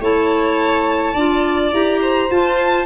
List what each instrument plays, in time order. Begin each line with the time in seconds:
0.00 tuba A3, clarinet E4, violin C#5 A5
1.14 tuba D4, clarinet F4, violin D5
1.72 tuba E4, clarinet G4, violin A#5
2.02 violin C5
2.30 clarinet F4, tuba F4, violin A5